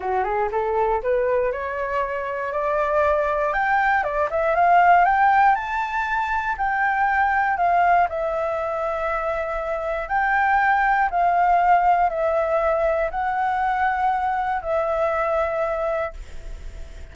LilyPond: \new Staff \with { instrumentName = "flute" } { \time 4/4 \tempo 4 = 119 fis'8 gis'8 a'4 b'4 cis''4~ | cis''4 d''2 g''4 | d''8 e''8 f''4 g''4 a''4~ | a''4 g''2 f''4 |
e''1 | g''2 f''2 | e''2 fis''2~ | fis''4 e''2. | }